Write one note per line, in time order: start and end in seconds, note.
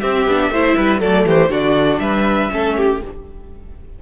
0.00 0.26 C4
0.00 0.28 C4
0.00 0.50 G4
0.00 1.00 E5
0.26 0.49 B3
0.26 0.53 D4
0.49 0.74 A3
0.49 1.00 E4
0.49 0.76 C5
0.76 1.01 G3
0.76 0.99 B4
0.99 1.26 F#3
0.99 1.50 A3
0.99 1.24 A4
0.99 1.27 D5
1.26 1.48 E3
1.26 1.50 G4
1.26 1.52 C5
1.48 1.98 D3
1.48 2.50 D4
1.48 2.00 F#4
1.48 1.99 D5
1.99 2.49 G3
1.99 2.51 B4
1.99 2.99 E5
2.50 3.02 A3
2.50 3.00 C#4
2.50 2.77 A4
2.77 3.02 G4